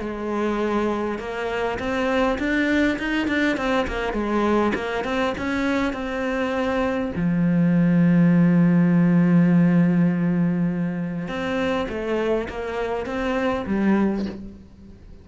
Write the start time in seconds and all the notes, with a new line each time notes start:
0.00 G#3
1.19 A#3
1.79 C4
2.39 D4
2.99 D#4
3.28 D4
3.57 C4
3.88 A#3
4.13 G#3
4.74 A#3
5.04 C4
5.38 C#4
5.93 C4
7.16 F3
11.28 C4
11.89 A3
12.49 A#3
13.06 C4
13.67 G3